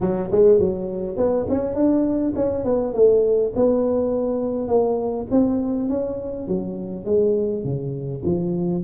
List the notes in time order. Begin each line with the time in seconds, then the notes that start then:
0.00 F#3
0.31 G#3
0.59 F#3
1.16 B3
1.49 C#4
1.74 D4
2.35 C#4
2.64 B3
2.93 A3
3.55 B3
4.68 A#3
5.30 C4
5.89 C#4
6.47 F#3
7.05 G#3
7.63 C#3
8.25 F3